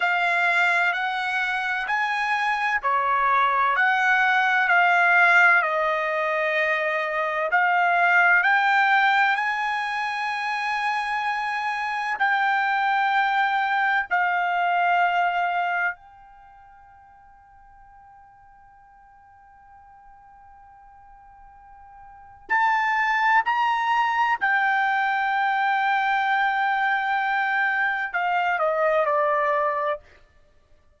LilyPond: \new Staff \with { instrumentName = "trumpet" } { \time 4/4 \tempo 4 = 64 f''4 fis''4 gis''4 cis''4 | fis''4 f''4 dis''2 | f''4 g''4 gis''2~ | gis''4 g''2 f''4~ |
f''4 g''2.~ | g''1 | a''4 ais''4 g''2~ | g''2 f''8 dis''8 d''4 | }